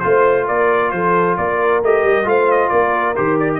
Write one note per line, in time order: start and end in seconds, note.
0.00 0.48 A3
0.00 1.83 F4
0.00 0.45 C5
0.00 0.48 C5
0.48 0.93 A#3
0.48 0.93 A#4
0.48 0.91 D5
0.91 1.38 F3
0.91 1.38 A4
0.91 1.36 C5
1.37 1.83 A#3
1.37 2.28 A#4
1.37 1.82 D5
1.83 2.04 A3
1.83 2.25 G4
1.83 2.29 D#5
2.04 2.25 G3
2.25 2.70 A3
2.25 3.15 F4
2.25 2.70 C5
2.25 2.52 F5
2.52 2.69 D#5
2.69 3.17 A#3
2.69 3.60 A#4
2.69 3.14 D5
3.16 3.60 D#3
3.16 3.60 G4
3.16 3.39 C5
3.40 3.51 D5
3.55 3.60 D#5